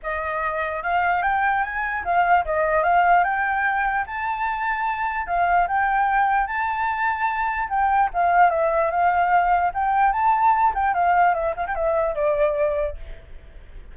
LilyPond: \new Staff \with { instrumentName = "flute" } { \time 4/4 \tempo 4 = 148 dis''2 f''4 g''4 | gis''4 f''4 dis''4 f''4 | g''2 a''2~ | a''4 f''4 g''2 |
a''2. g''4 | f''4 e''4 f''2 | g''4 a''4. g''8 f''4 | e''8 f''16 g''16 e''4 d''2 | }